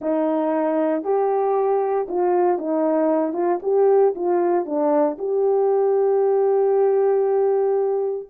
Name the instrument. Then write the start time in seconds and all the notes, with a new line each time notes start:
horn
0.01 D#4
1.03 G4
2.08 F4
2.58 D#4
3.33 F4
3.62 G4
4.15 F4
4.65 D4
5.18 G4